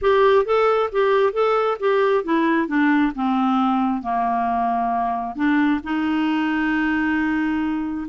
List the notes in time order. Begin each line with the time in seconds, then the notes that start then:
0.01 G4
0.45 A4
0.92 G4
1.32 A4
1.79 G4
2.24 E4
2.67 D4
3.15 C4
4.02 A#3
5.35 D4
5.83 D#4